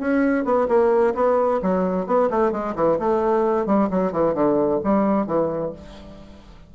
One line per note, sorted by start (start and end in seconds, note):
0.00 0.45 C#4
0.45 0.68 B3
0.68 1.14 A#3
1.15 1.61 B3
1.62 2.07 F#3
2.07 2.30 B3
2.30 2.52 A3
2.52 2.75 G#3
2.76 2.99 E3
2.99 3.66 A3
3.66 3.89 G3
3.91 4.12 F#3
4.12 4.35 E3
4.35 4.80 D3
4.84 5.27 G3
5.27 5.73 E3